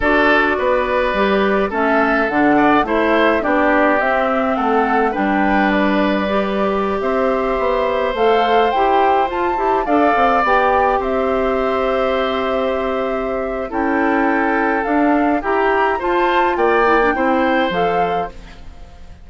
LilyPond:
<<
  \new Staff \with { instrumentName = "flute" } { \time 4/4 \tempo 4 = 105 d''2. e''4 | fis''4 e''4 d''4 e''4 | fis''4 g''4 d''2~ | d''16 e''2 f''4 g''8.~ |
g''16 a''4 f''4 g''4 e''8.~ | e''1 | g''2 f''4 ais''4 | a''4 g''2 f''4 | }
  \new Staff \with { instrumentName = "oboe" } { \time 4/4 a'4 b'2 a'4~ | a'8 d''8 c''4 g'2 | a'4 b'2.~ | b'16 c''2.~ c''8.~ |
c''4~ c''16 d''2 c''8.~ | c''1 | a'2. g'4 | c''4 d''4 c''2 | }
  \new Staff \with { instrumentName = "clarinet" } { \time 4/4 fis'2 g'4 cis'4 | d'4 e'4 d'4 c'4~ | c'4 d'2 g'4~ | g'2~ g'16 a'4 g'8.~ |
g'16 f'8 g'8 a'4 g'4.~ g'16~ | g'1 | e'2 d'4 g'4 | f'4. e'16 d'16 e'4 a'4 | }
  \new Staff \with { instrumentName = "bassoon" } { \time 4/4 d'4 b4 g4 a4 | d4 a4 b4 c'4 | a4 g2.~ | g16 c'4 b4 a4 e'8.~ |
e'16 f'8 e'8 d'8 c'8 b4 c'8.~ | c'1 | cis'2 d'4 e'4 | f'4 ais4 c'4 f4 | }
>>